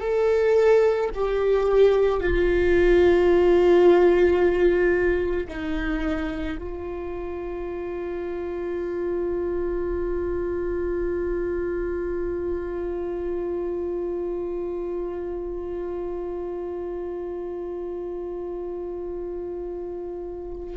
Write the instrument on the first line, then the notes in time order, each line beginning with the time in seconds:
viola
0.00 A4
1.15 G4
2.20 F4
5.48 D#4
6.58 F4